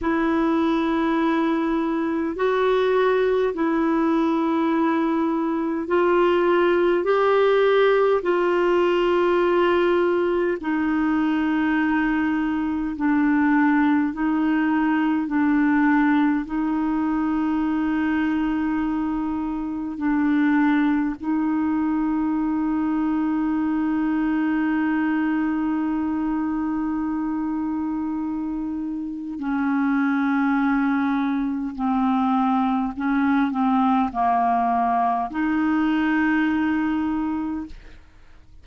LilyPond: \new Staff \with { instrumentName = "clarinet" } { \time 4/4 \tempo 4 = 51 e'2 fis'4 e'4~ | e'4 f'4 g'4 f'4~ | f'4 dis'2 d'4 | dis'4 d'4 dis'2~ |
dis'4 d'4 dis'2~ | dis'1~ | dis'4 cis'2 c'4 | cis'8 c'8 ais4 dis'2 | }